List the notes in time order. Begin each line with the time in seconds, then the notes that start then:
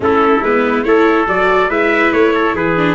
0.00 A3 C#4 E4 A4
0.42 G#3 B3 B4
0.83 A3 E4 A4 C#5
1.27 F#3 F#4 D5
1.69 G#3 E4 B4 E5
2.12 A3 C#5
2.34 A4
2.54 E3 G#4 B4
2.76 D4